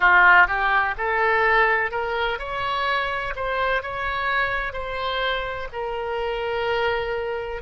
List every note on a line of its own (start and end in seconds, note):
0.00 0.47 F4
0.47 0.94 G4
0.97 1.91 A4
1.91 2.38 A#4
2.38 3.33 C#5
3.35 3.82 C5
3.82 4.72 C#5
4.72 5.68 C5
5.72 7.61 A#4